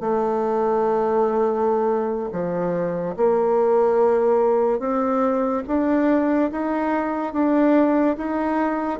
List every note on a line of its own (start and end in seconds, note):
0.00 2.29 A3
2.32 3.15 F3
3.16 4.79 A#3
4.79 5.62 C4
5.67 6.50 D4
6.51 7.33 D#4
7.33 8.16 D4
8.17 8.99 D#4